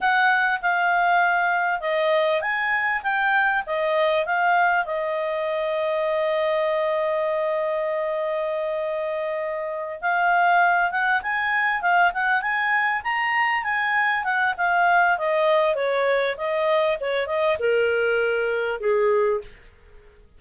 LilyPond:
\new Staff \with { instrumentName = "clarinet" } { \time 4/4 \tempo 4 = 99 fis''4 f''2 dis''4 | gis''4 g''4 dis''4 f''4 | dis''1~ | dis''1~ |
dis''8 f''4. fis''8 gis''4 f''8 | fis''8 gis''4 ais''4 gis''4 fis''8 | f''4 dis''4 cis''4 dis''4 | cis''8 dis''8 ais'2 gis'4 | }